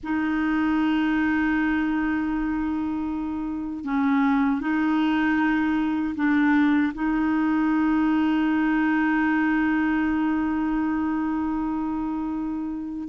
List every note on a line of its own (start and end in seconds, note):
0.03 3.84 D#4
3.84 4.60 C#4
4.60 6.14 D#4
6.15 6.92 D4
6.94 13.08 D#4